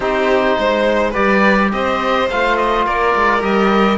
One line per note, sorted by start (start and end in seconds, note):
0.00 0.56 C4
0.00 1.13 D#4
0.00 0.57 G4
0.00 1.14 C5
0.58 1.15 G#3
0.58 1.10 C5
1.10 1.72 G3
1.10 2.27 G4
1.10 1.67 B4
1.10 1.71 D5
1.72 2.30 C4
1.72 2.86 C5
1.72 2.29 D#5
2.29 2.86 A3
2.29 3.40 F4
2.29 2.56 F5
2.56 2.85 D#5
2.86 3.14 A#3
2.86 3.98 A#4
2.86 3.42 D5
3.15 3.42 G#3
3.40 3.98 G3
3.40 3.97 G4
3.40 3.98 D#5